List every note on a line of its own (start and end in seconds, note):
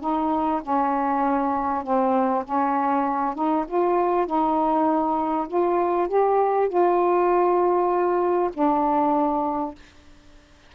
0.00 0.61 D#4
0.62 1.83 C#4
1.83 2.44 C4
2.44 3.34 C#4
3.34 3.65 D#4
3.67 4.26 F4
4.26 5.47 D#4
5.48 6.08 F4
6.08 6.68 G4
6.68 8.50 F4
8.53 9.74 D4